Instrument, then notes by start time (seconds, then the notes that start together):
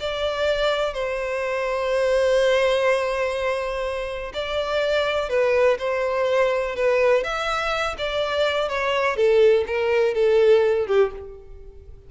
violin
0.00 D5
0.94 C5
4.34 D5
5.29 B4
5.79 C5
6.76 B4
7.24 E5
7.98 D5
8.69 C#5
9.16 A4
9.67 A#4
10.15 A4
10.87 G4